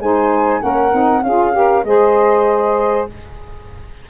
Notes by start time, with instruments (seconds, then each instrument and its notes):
0.00 tuba G#3, saxophone D#4 C5, flute G#5
0.61 tuba A#3, saxophone C#4 A#4, flute F#5
0.92 tuba C4, saxophone D#4
1.23 tuba C#4, saxophone F4 G#4, flute F5
1.52 saxophone G4 A#4
1.85 tuba G#3, saxophone G#4 C5, flute D#5